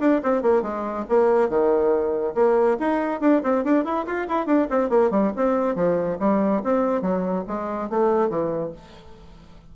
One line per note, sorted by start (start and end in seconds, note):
0.00 0.21 D4
0.23 0.42 C4
0.42 0.62 A#3
0.62 1.05 G#3
1.09 1.49 A#3
1.49 2.34 D#3
2.35 2.77 A#3
2.79 3.21 D#4
3.21 3.42 D4
3.43 3.64 C4
3.64 3.85 D4
3.85 4.06 E4
4.06 4.27 F4
4.28 4.46 E4
4.46 4.68 D4
4.70 4.89 C4
4.89 5.11 A#3
5.11 5.32 G3
5.36 5.75 C4
5.75 6.18 F3
6.20 6.62 G3
6.64 7.02 C4
7.02 7.44 F#3
7.47 7.90 G#3
7.90 8.29 A3
8.29 8.72 E3